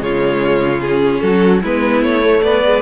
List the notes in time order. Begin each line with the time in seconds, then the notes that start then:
0.00 C#3 G#3 F4 C#5
0.81 C#4 G#4
1.21 F#3 F#4 A4
1.63 G#3 B3 E4 B4
2.02 A3 C#5
2.22 A3
2.43 B3 B4 D5
2.64 G#3